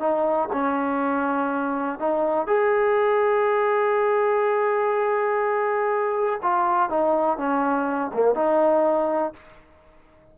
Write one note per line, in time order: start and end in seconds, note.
0.00 0.49 D#4
0.53 2.00 C#4
2.00 2.47 D#4
2.47 6.41 G#4
6.43 6.90 F4
6.90 7.38 D#4
7.38 8.12 C#4
8.14 8.35 A#3
8.35 9.34 D#4